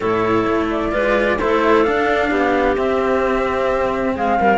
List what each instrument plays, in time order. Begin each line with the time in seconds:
0.00 cello A2 E4, clarinet A4, flute C#5
0.47 cello A3
0.70 flute D5
0.91 cello G#3 F4, clarinet B4
1.37 cello A3 E4, clarinet A4, flute C5
1.83 cello D4, flute F5
2.30 cello B3, clarinet G4
2.76 cello C4, flute E5
4.15 cello G#3, clarinet G#4, flute F5
4.39 cello G3, clarinet A#4